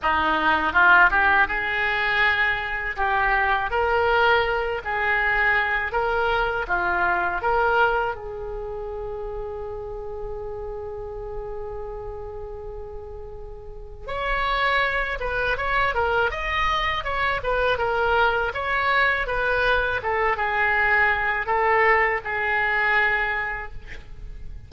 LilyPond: \new Staff \with { instrumentName = "oboe" } { \time 4/4 \tempo 4 = 81 dis'4 f'8 g'8 gis'2 | g'4 ais'4. gis'4. | ais'4 f'4 ais'4 gis'4~ | gis'1~ |
gis'2. cis''4~ | cis''8 b'8 cis''8 ais'8 dis''4 cis''8 b'8 | ais'4 cis''4 b'4 a'8 gis'8~ | gis'4 a'4 gis'2 | }